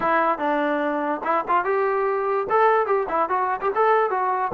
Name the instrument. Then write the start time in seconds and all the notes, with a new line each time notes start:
trombone
0.00 E4
0.38 D4
1.24 E4
1.48 F4
1.64 G4
2.49 A4
2.86 G4
3.08 E4
3.29 F#4
3.61 G4
3.75 A4
4.10 F#4